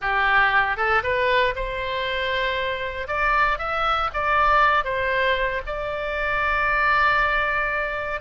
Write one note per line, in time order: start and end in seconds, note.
0.01 0.76 G4
0.76 1.02 A4
1.03 1.54 B4
1.55 3.07 C5
3.07 3.58 D5
3.58 4.09 E5
4.13 4.84 D5
4.84 5.61 C5
5.66 8.21 D5